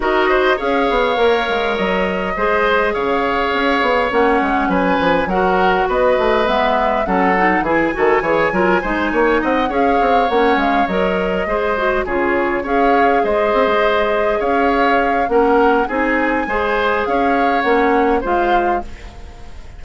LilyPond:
<<
  \new Staff \with { instrumentName = "flute" } { \time 4/4 \tempo 4 = 102 dis''4 f''2 dis''4~ | dis''4 f''2 fis''4 | gis''4 fis''4 dis''4 e''4 | fis''4 gis''2. |
fis''8 f''4 fis''8 f''8 dis''4.~ | dis''8 cis''4 f''4 dis''4.~ | dis''8 f''4. fis''4 gis''4~ | gis''4 f''4 fis''4 f''4 | }
  \new Staff \with { instrumentName = "oboe" } { \time 4/4 ais'8 c''8 cis''2. | c''4 cis''2. | b'4 ais'4 b'2 | a'4 gis'8 a'8 cis''8 ais'8 c''8 cis''8 |
dis''8 cis''2. c''8~ | c''8 gis'4 cis''4 c''4.~ | c''8 cis''4. ais'4 gis'4 | c''4 cis''2 c''4 | }
  \new Staff \with { instrumentName = "clarinet" } { \time 4/4 fis'4 gis'4 ais'2 | gis'2. cis'4~ | cis'4 fis'2 b4 | cis'8 dis'8 e'8 fis'8 gis'8 f'8 dis'4~ |
dis'8 gis'4 cis'4 ais'4 gis'8 | fis'8 f'4 gis'2~ gis'8~ | gis'2 cis'4 dis'4 | gis'2 cis'4 f'4 | }
  \new Staff \with { instrumentName = "bassoon" } { \time 4/4 dis'4 cis'8 b8 ais8 gis8 fis4 | gis4 cis4 cis'8 b8 ais8 gis8 | fis8 f8 fis4 b8 a8 gis4 | fis4 e8 dis8 e8 fis8 gis8 ais8 |
c'8 cis'8 c'8 ais8 gis8 fis4 gis8~ | gis8 cis4 cis'4 gis8 c'16 gis8.~ | gis8 cis'4. ais4 c'4 | gis4 cis'4 ais4 gis4 | }
>>